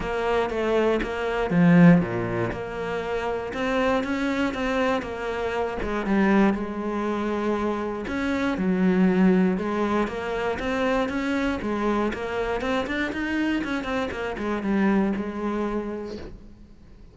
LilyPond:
\new Staff \with { instrumentName = "cello" } { \time 4/4 \tempo 4 = 119 ais4 a4 ais4 f4 | ais,4 ais2 c'4 | cis'4 c'4 ais4. gis8 | g4 gis2. |
cis'4 fis2 gis4 | ais4 c'4 cis'4 gis4 | ais4 c'8 d'8 dis'4 cis'8 c'8 | ais8 gis8 g4 gis2 | }